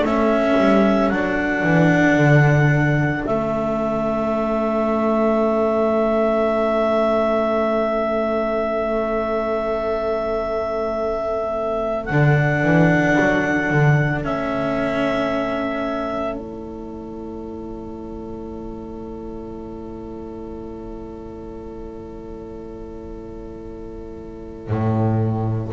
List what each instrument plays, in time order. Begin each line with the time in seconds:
0.00 double bass A3, violin A4, clarinet E5
0.06 cello C#4
0.58 double bass G3
1.10 double bass F#3, cello D4, clarinet F#5
1.63 double bass E3
2.16 double bass D3
3.25 double bass A3, cello C#4, clarinet E5
12.06 double bass D3, clarinet F#5
12.12 cello D4
12.63 double bass E3
13.19 double bass F#3
13.71 double bass D3
14.24 double bass A3, cello C#4, clarinet E5
16.35 cello E4, clarinet C#5
24.68 double bass A2